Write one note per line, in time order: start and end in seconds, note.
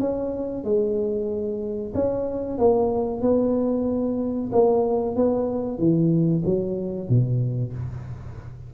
0.00 0.65 C#4
0.65 1.94 G#3
1.95 2.58 C#4
2.58 3.22 A#3
3.22 4.51 B3
4.52 5.16 A#3
5.16 5.79 B3
5.79 6.43 E3
6.45 7.09 F#3
7.09 7.74 B2